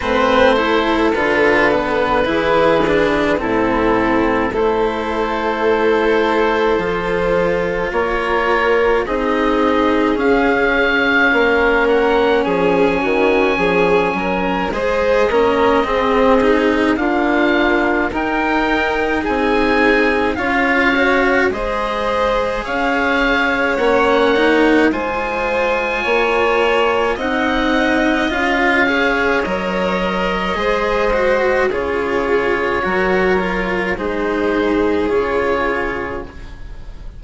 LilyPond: <<
  \new Staff \with { instrumentName = "oboe" } { \time 4/4 \tempo 4 = 53 c''4 b'2 a'4 | c''2. cis''4 | dis''4 f''4. fis''8 gis''4~ | gis''4 dis''2 f''4 |
g''4 gis''4 f''4 dis''4 | f''4 fis''4 gis''2 | fis''4 f''4 dis''2 | cis''2 c''4 cis''4 | }
  \new Staff \with { instrumentName = "violin" } { \time 4/4 b'8 a'4. gis'4 e'4 | a'2. ais'4 | gis'2 ais'4 gis'8 fis'8 | gis'8 ais'8 c''8 ais'8 gis'4 f'4 |
ais'4 gis'4 cis''4 c''4 | cis''2 c''4 cis''4 | dis''4. cis''4. c''4 | gis'4 ais'4 gis'2 | }
  \new Staff \with { instrumentName = "cello" } { \time 4/4 c'8 e'8 f'8 b8 e'8 d'8 c'4 | e'2 f'2 | dis'4 cis'2.~ | cis'4 gis'8 cis'8 c'8 dis'8 ais4 |
dis'2 f'8 fis'8 gis'4~ | gis'4 cis'8 dis'8 f'2 | dis'4 f'8 gis'8 ais'4 gis'8 fis'8 | f'4 fis'8 f'8 dis'4 f'4 | }
  \new Staff \with { instrumentName = "bassoon" } { \time 4/4 a4 d4 e4 a,4 | a2 f4 ais4 | c'4 cis'4 ais4 f8 dis8 | f8 fis8 gis8 ais8 c'4 d'4 |
dis'4 c'4 cis'4 gis4 | cis'4 ais4 gis4 ais4 | c'4 cis'4 fis4 gis4 | cis4 fis4 gis4 cis4 | }
>>